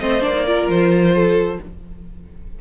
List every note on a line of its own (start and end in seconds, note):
0.00 0.23 A3
0.00 0.21 C4
0.00 0.46 C5
0.00 0.23 D#5
0.21 0.68 A#3
0.21 0.32 D4
0.21 0.69 D5
0.33 0.45 D#4
0.46 1.60 F4
0.46 1.14 A#4
0.68 1.59 F3
0.68 1.61 C5
1.14 1.59 A4